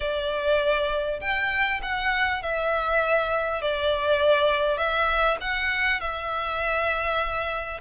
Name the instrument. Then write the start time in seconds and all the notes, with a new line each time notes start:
violin
0.00 D5
1.20 G5
1.82 F#5
2.42 E5
3.61 D5
4.77 E5
5.41 F#5
6.00 E5